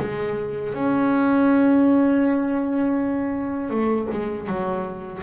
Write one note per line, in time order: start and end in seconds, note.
0.00 0.74 G#3
0.74 3.70 C#4
3.70 4.08 A3
4.12 4.47 G#3
4.47 5.22 F#3